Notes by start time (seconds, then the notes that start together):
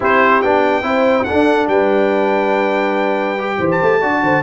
0.00 C4 E4 G4 C5
0.42 B3 D4 G5
0.82 C4 E4 C5
1.23 D4 A4 F#5
1.31 D4
1.67 G3 B4 G5
3.38 G4
3.58 E3 C5
3.70 A5
3.81 A3
4.01 D4 F#4 D5
4.22 D3 C5